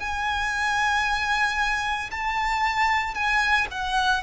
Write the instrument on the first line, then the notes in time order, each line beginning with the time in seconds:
violin
0.00 G#5
2.11 A5
3.15 G#5
3.71 F#5